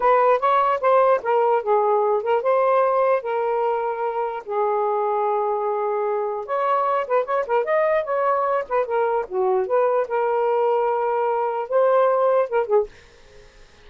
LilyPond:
\new Staff \with { instrumentName = "saxophone" } { \time 4/4 \tempo 4 = 149 b'4 cis''4 c''4 ais'4 | gis'4. ais'8 c''2 | ais'2. gis'4~ | gis'1 |
cis''4. b'8 cis''8 ais'8 dis''4 | cis''4. b'8 ais'4 fis'4 | b'4 ais'2.~ | ais'4 c''2 ais'8 gis'8 | }